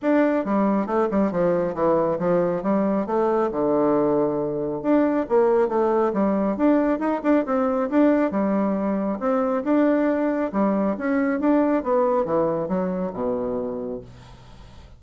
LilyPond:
\new Staff \with { instrumentName = "bassoon" } { \time 4/4 \tempo 4 = 137 d'4 g4 a8 g8 f4 | e4 f4 g4 a4 | d2. d'4 | ais4 a4 g4 d'4 |
dis'8 d'8 c'4 d'4 g4~ | g4 c'4 d'2 | g4 cis'4 d'4 b4 | e4 fis4 b,2 | }